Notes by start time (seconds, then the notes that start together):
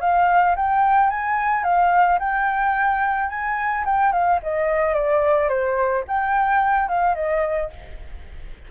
0.00 F5
0.56 G5
1.10 G#5
1.64 F5
2.19 G5
3.29 G#5
3.85 G5
4.12 F5
4.42 D#5
4.94 D5
5.49 C5
6.07 G5
6.88 F5
7.15 D#5